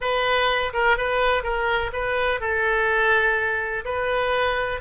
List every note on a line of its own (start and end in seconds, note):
0.00 0.72 B4
0.73 0.97 A#4
0.97 1.43 B4
1.43 1.91 A#4
1.92 2.40 B4
2.40 3.84 A4
3.84 4.80 B4